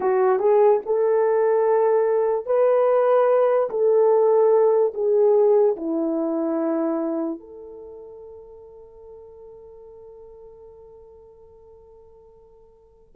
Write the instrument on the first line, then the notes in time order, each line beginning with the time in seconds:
horn
0.00 F#4
0.39 G#4
0.85 A4
2.46 B4
3.70 A4
4.94 G#4
5.76 E4
7.39 A4